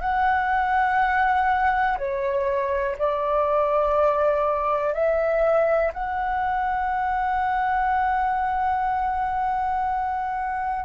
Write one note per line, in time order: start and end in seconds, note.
0.00 1.97 F#5
1.97 2.96 C#5
2.98 4.93 D5
4.93 5.92 E5
5.93 10.85 F#5